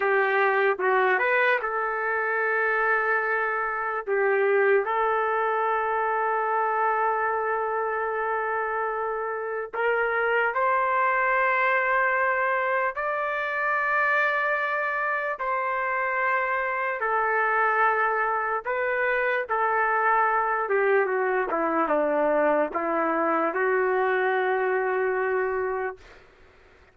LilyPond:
\new Staff \with { instrumentName = "trumpet" } { \time 4/4 \tempo 4 = 74 g'4 fis'8 b'8 a'2~ | a'4 g'4 a'2~ | a'1 | ais'4 c''2. |
d''2. c''4~ | c''4 a'2 b'4 | a'4. g'8 fis'8 e'8 d'4 | e'4 fis'2. | }